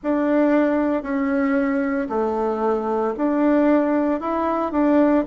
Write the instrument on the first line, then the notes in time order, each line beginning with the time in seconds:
bassoon
0.02 D4
1.02 C#4
2.09 A3
3.17 D4
4.20 E4
4.71 D4